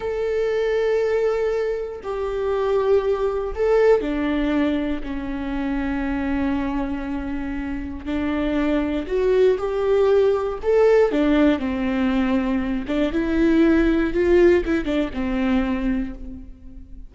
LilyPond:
\new Staff \with { instrumentName = "viola" } { \time 4/4 \tempo 4 = 119 a'1 | g'2. a'4 | d'2 cis'2~ | cis'1 |
d'2 fis'4 g'4~ | g'4 a'4 d'4 c'4~ | c'4. d'8 e'2 | f'4 e'8 d'8 c'2 | }